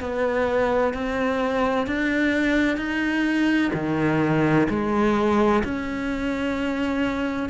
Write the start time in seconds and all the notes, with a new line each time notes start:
0.00 B3
0.94 C4
1.87 D4
2.77 D#4
3.74 D#3
4.70 G#3
5.64 C#4